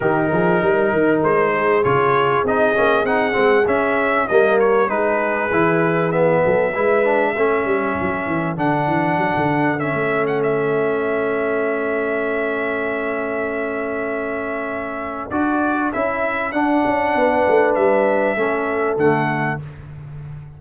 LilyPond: <<
  \new Staff \with { instrumentName = "trumpet" } { \time 4/4 \tempo 4 = 98 ais'2 c''4 cis''4 | dis''4 fis''4 e''4 dis''8 cis''8 | b'2 e''2~ | e''2 fis''2 |
e''8. fis''16 e''2.~ | e''1~ | e''4 d''4 e''4 fis''4~ | fis''4 e''2 fis''4 | }
  \new Staff \with { instrumentName = "horn" } { \time 4/4 g'8 gis'8 ais'4. gis'4.~ | gis'2. ais'4 | gis'2~ gis'8 a'8 b'4 | a'1~ |
a'1~ | a'1~ | a'1 | b'2 a'2 | }
  \new Staff \with { instrumentName = "trombone" } { \time 4/4 dis'2. f'4 | dis'8 cis'8 dis'8 c'8 cis'4 ais4 | dis'4 e'4 b4 e'8 d'8 | cis'2 d'2 |
cis'1~ | cis'1~ | cis'4 fis'4 e'4 d'4~ | d'2 cis'4 a4 | }
  \new Staff \with { instrumentName = "tuba" } { \time 4/4 dis8 f8 g8 dis8 gis4 cis4 | c'8 ais8 c'8 gis8 cis'4 g4 | gis4 e4. fis8 gis4 | a8 g8 fis8 e8 d8 e8 fis16 d8.~ |
d16 a2.~ a8.~ | a1~ | a4 d'4 cis'4 d'8 cis'8 | b8 a8 g4 a4 d4 | }
>>